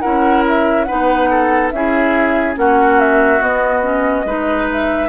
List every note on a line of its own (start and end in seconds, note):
0.00 0.90 C#4
0.00 0.87 E4
0.00 0.85 A#4
0.00 0.42 F#5
0.48 0.84 E5
0.84 1.72 D#4
0.84 1.29 B4
0.84 1.69 F#5
0.91 1.72 B3
1.30 1.72 A4
1.70 2.56 C#4
1.70 2.55 E4
1.70 2.59 G#4
1.70 2.54 E5
2.55 3.41 A#3
2.55 3.39 C#4
2.55 4.26 F#4
2.55 2.99 F#5
2.99 3.42 E5
3.40 3.82 B3
3.40 4.24 B3
3.40 4.68 D#5
3.82 4.24 C#4
4.24 5.09 G#3
4.24 5.09 D#4
4.24 5.09 B4
4.72 5.09 E5